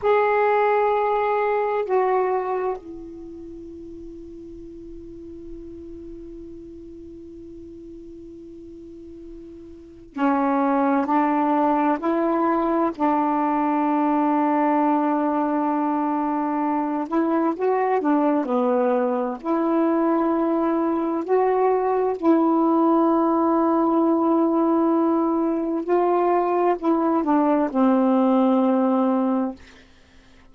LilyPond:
\new Staff \with { instrumentName = "saxophone" } { \time 4/4 \tempo 4 = 65 gis'2 fis'4 e'4~ | e'1~ | e'2. cis'4 | d'4 e'4 d'2~ |
d'2~ d'8 e'8 fis'8 d'8 | b4 e'2 fis'4 | e'1 | f'4 e'8 d'8 c'2 | }